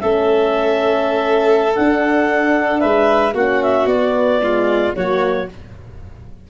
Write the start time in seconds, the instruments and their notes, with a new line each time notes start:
0.00 tuba A3, horn C#4, violin A4, clarinet E5
1.76 horn D4, tuba D4, clarinet F#5
2.80 tuba G#3, violin B4, clarinet E5
3.34 tuba A#3, horn C#4, violin F#4, clarinet F#5
3.63 clarinet E5
3.86 tuba B3, horn B3, clarinet D5
4.42 horn G#3, violin F4
4.96 tuba F#3, horn A#3, violin F#4, clarinet C#5